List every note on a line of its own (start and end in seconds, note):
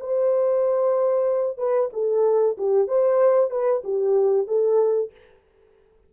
0.00 1.57 C5
1.57 1.89 B4
1.93 2.56 A4
2.57 2.87 G4
2.87 3.50 C5
3.50 3.82 B4
3.84 4.47 G4
4.47 5.11 A4